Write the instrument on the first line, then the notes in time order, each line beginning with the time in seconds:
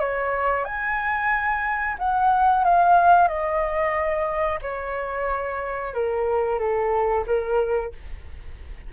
flute
0.00 C#5
0.65 G#5
1.99 F#5
2.64 F5
3.28 D#5
4.62 C#5
5.94 A#4
6.59 A4
7.27 A#4